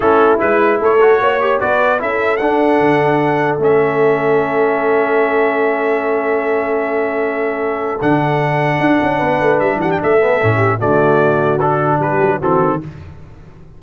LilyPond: <<
  \new Staff \with { instrumentName = "trumpet" } { \time 4/4 \tempo 4 = 150 a'4 b'4 cis''2 | d''4 e''4 fis''2~ | fis''4 e''2.~ | e''1~ |
e''1 | fis''1 | e''8 fis''16 g''16 e''2 d''4~ | d''4 a'4 b'4 a'4 | }
  \new Staff \with { instrumentName = "horn" } { \time 4/4 e'2 a'4 cis''4 | b'4 a'2.~ | a'1~ | a'1~ |
a'1~ | a'2. b'4~ | b'8 g'8 a'4. g'8 fis'4~ | fis'2 g'4 fis'4 | }
  \new Staff \with { instrumentName = "trombone" } { \time 4/4 cis'4 e'4. fis'4 g'8 | fis'4 e'4 d'2~ | d'4 cis'2.~ | cis'1~ |
cis'1 | d'1~ | d'4. b8 cis'4 a4~ | a4 d'2 c'4 | }
  \new Staff \with { instrumentName = "tuba" } { \time 4/4 a4 gis4 a4 ais4 | b4 cis'4 d'4 d4~ | d4 a2.~ | a1~ |
a1 | d2 d'8 cis'8 b8 a8 | g8 e8 a4 a,4 d4~ | d2 g8 fis8 e8 dis8 | }
>>